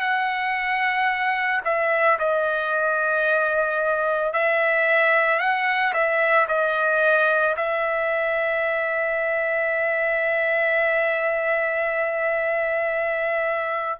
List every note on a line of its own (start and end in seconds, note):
0.00 1.61 F#5
1.65 2.18 E5
2.19 4.33 D#5
4.33 5.40 E5
5.40 5.93 F#5
5.93 6.47 E5
6.48 7.55 D#5
7.57 14.00 E5